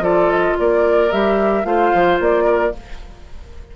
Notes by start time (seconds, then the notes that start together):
0.00 F3 F4 A4 D5
0.31 D#5
0.59 A#3 A#4 D5
1.11 G3 G4 E5
1.64 A3 F4 C5 F5
1.94 F3
2.20 A#3 D5
2.44 A#4